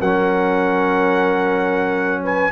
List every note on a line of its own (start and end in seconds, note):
0.00 2.51 F#3
0.00 2.52 C#4
0.00 2.22 A#4
0.00 2.23 F#5
2.24 2.52 B4
2.24 2.52 G#5